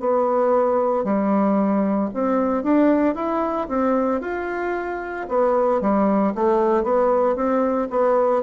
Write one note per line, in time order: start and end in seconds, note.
0.00 1.04 B3
1.04 2.10 G3
2.14 2.64 C4
2.64 3.15 D4
3.15 3.68 E4
3.68 4.21 C4
4.22 5.27 F4
5.29 5.81 B3
5.81 6.33 G3
6.35 6.84 A3
6.84 7.36 B3
7.36 7.89 C4
7.90 8.43 B3